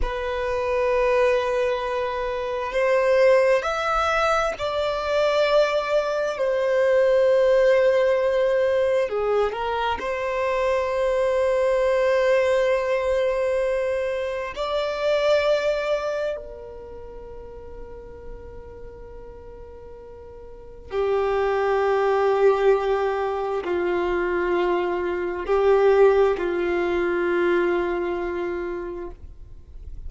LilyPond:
\new Staff \with { instrumentName = "violin" } { \time 4/4 \tempo 4 = 66 b'2. c''4 | e''4 d''2 c''4~ | c''2 gis'8 ais'8 c''4~ | c''1 |
d''2 ais'2~ | ais'2. g'4~ | g'2 f'2 | g'4 f'2. | }